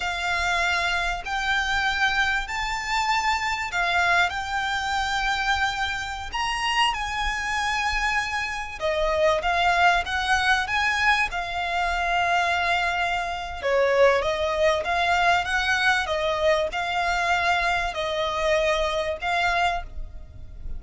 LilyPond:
\new Staff \with { instrumentName = "violin" } { \time 4/4 \tempo 4 = 97 f''2 g''2 | a''2 f''4 g''4~ | g''2~ g''16 ais''4 gis''8.~ | gis''2~ gis''16 dis''4 f''8.~ |
f''16 fis''4 gis''4 f''4.~ f''16~ | f''2 cis''4 dis''4 | f''4 fis''4 dis''4 f''4~ | f''4 dis''2 f''4 | }